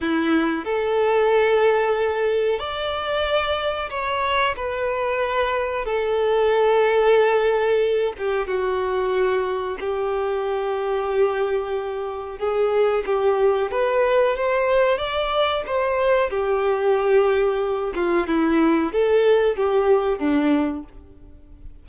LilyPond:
\new Staff \with { instrumentName = "violin" } { \time 4/4 \tempo 4 = 92 e'4 a'2. | d''2 cis''4 b'4~ | b'4 a'2.~ | a'8 g'8 fis'2 g'4~ |
g'2. gis'4 | g'4 b'4 c''4 d''4 | c''4 g'2~ g'8 f'8 | e'4 a'4 g'4 d'4 | }